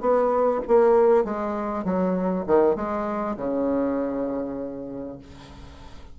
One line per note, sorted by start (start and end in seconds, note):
0.00 0.61 B3
0.67 1.24 A#3
1.24 1.84 G#3
1.84 2.45 F#3
2.47 2.75 D#3
2.75 3.36 G#3
3.37 5.18 C#3